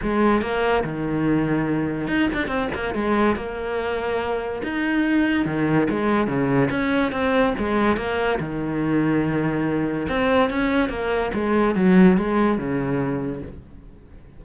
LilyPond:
\new Staff \with { instrumentName = "cello" } { \time 4/4 \tempo 4 = 143 gis4 ais4 dis2~ | dis4 dis'8 d'8 c'8 ais8 gis4 | ais2. dis'4~ | dis'4 dis4 gis4 cis4 |
cis'4 c'4 gis4 ais4 | dis1 | c'4 cis'4 ais4 gis4 | fis4 gis4 cis2 | }